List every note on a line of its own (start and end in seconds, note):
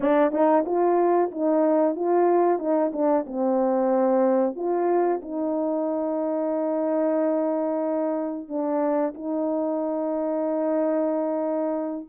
0.00 0.31 D4
0.31 0.64 D#4
0.65 1.30 F4
1.31 1.95 D#4
1.95 2.58 F4
2.58 2.91 D#4
2.92 3.25 D4
3.26 4.55 C4
4.55 5.20 F4
5.22 8.48 D#4
8.48 9.13 D4
9.14 12.07 D#4